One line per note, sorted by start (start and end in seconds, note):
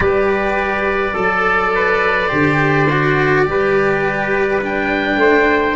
0.00 1.12 G3
0.00 1.15 G4
0.00 1.13 B4
0.00 4.61 D5
1.13 2.29 F#3
1.13 1.71 A4
1.13 2.28 A4
1.74 2.28 B4
2.28 3.47 D3
2.28 2.86 G4
2.28 3.44 C5
2.89 3.45 F#4
3.45 5.16 G3
3.45 4.61 G4
3.45 5.19 B4
4.61 5.75 D4
4.61 5.75 G5
5.16 5.73 A3
5.16 5.75 C5